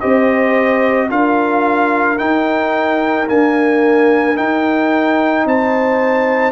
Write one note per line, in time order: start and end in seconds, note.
0.00 1.10 C4
0.00 1.09 G4
0.00 1.09 C5
0.00 1.09 D#5
1.09 2.19 D4
1.09 2.17 F4
1.09 5.47 A#4
1.09 2.18 F5
2.17 3.26 D#4
2.17 3.29 D#4
2.17 3.27 G5
3.28 4.35 A#3
3.28 4.38 D4
3.28 4.37 G#5
4.35 6.52 D#4
4.35 5.45 D#4
4.35 5.46 G5
5.45 6.52 C4
5.45 6.52 C5
5.45 6.52 A5